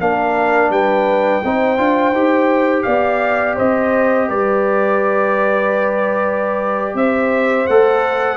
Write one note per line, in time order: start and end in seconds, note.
0.00 0.70 A#3
0.00 1.43 D4
0.00 0.72 A#4
0.00 0.72 F5
0.70 1.41 G3
0.70 1.44 B4
0.70 2.83 G5
1.44 1.78 C4
1.44 1.78 D#4
1.44 2.86 C5
1.78 2.12 D4
1.78 2.13 F4
2.12 2.83 D#4
2.12 7.68 G4
2.83 3.58 B3
2.83 3.56 D5
2.83 3.54 F5
3.56 4.30 C4
3.56 4.27 C5
3.56 4.30 D#5
4.29 6.94 G3
4.29 6.97 B4
4.29 6.96 D5
6.94 7.66 C4
6.94 8.37 C5
6.94 7.67 E5
7.67 8.37 A3
7.67 8.37 A4
7.67 8.37 F#5